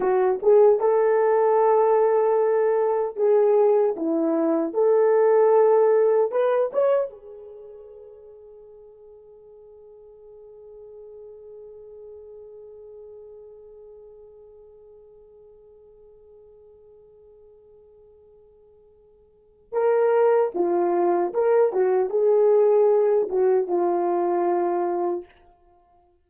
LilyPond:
\new Staff \with { instrumentName = "horn" } { \time 4/4 \tempo 4 = 76 fis'8 gis'8 a'2. | gis'4 e'4 a'2 | b'8 cis''8 gis'2.~ | gis'1~ |
gis'1~ | gis'1~ | gis'4 ais'4 f'4 ais'8 fis'8 | gis'4. fis'8 f'2 | }